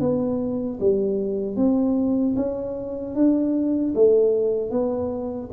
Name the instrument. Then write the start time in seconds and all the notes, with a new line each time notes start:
tuba
0.00 B3
0.80 G3
1.56 C4
2.36 C#4
3.15 D4
3.95 A3
4.71 B3